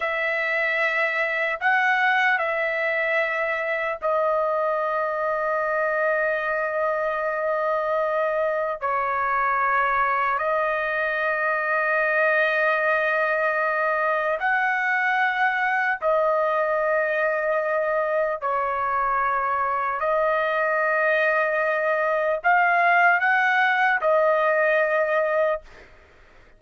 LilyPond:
\new Staff \with { instrumentName = "trumpet" } { \time 4/4 \tempo 4 = 75 e''2 fis''4 e''4~ | e''4 dis''2.~ | dis''2. cis''4~ | cis''4 dis''2.~ |
dis''2 fis''2 | dis''2. cis''4~ | cis''4 dis''2. | f''4 fis''4 dis''2 | }